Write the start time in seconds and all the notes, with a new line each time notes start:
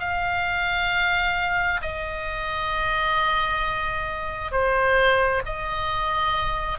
0.00 F5
1.82 D#5
4.52 C5
5.46 D#5